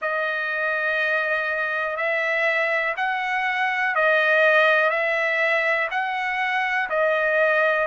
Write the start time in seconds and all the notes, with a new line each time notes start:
0.01 D#5
1.96 E5
2.96 F#5
3.95 D#5
4.90 E5
5.91 F#5
6.89 D#5